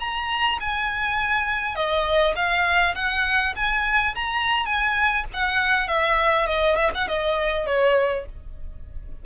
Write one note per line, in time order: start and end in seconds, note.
0.00 0.59 A#5
0.60 1.76 G#5
1.76 2.34 D#5
2.36 2.95 F5
2.95 3.54 F#5
3.56 4.15 G#5
4.15 4.66 A#5
4.66 5.25 G#5
5.34 5.88 F#5
5.88 6.47 E5
6.47 6.76 D#5
6.76 6.91 E5
6.95 7.08 F#5
7.08 7.67 D#5
7.67 8.26 C#5